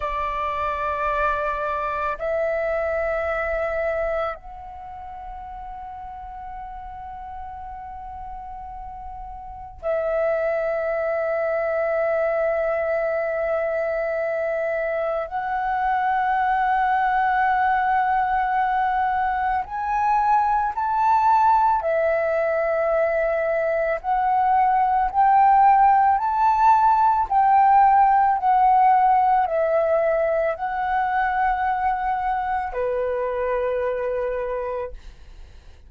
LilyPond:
\new Staff \with { instrumentName = "flute" } { \time 4/4 \tempo 4 = 55 d''2 e''2 | fis''1~ | fis''4 e''2.~ | e''2 fis''2~ |
fis''2 gis''4 a''4 | e''2 fis''4 g''4 | a''4 g''4 fis''4 e''4 | fis''2 b'2 | }